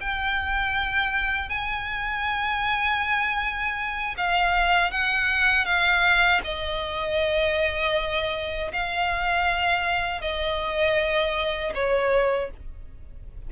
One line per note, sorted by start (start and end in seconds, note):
0.00 1.49 G5
1.49 4.15 G#5
4.17 4.91 F5
4.91 5.65 F#5
5.65 6.41 F5
6.43 8.71 D#5
8.72 10.21 F5
10.21 11.73 D#5
11.74 12.50 C#5